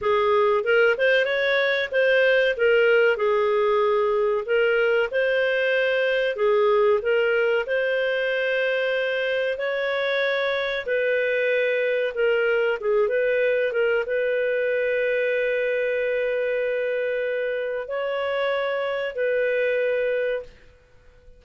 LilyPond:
\new Staff \with { instrumentName = "clarinet" } { \time 4/4 \tempo 4 = 94 gis'4 ais'8 c''8 cis''4 c''4 | ais'4 gis'2 ais'4 | c''2 gis'4 ais'4 | c''2. cis''4~ |
cis''4 b'2 ais'4 | gis'8 b'4 ais'8 b'2~ | b'1 | cis''2 b'2 | }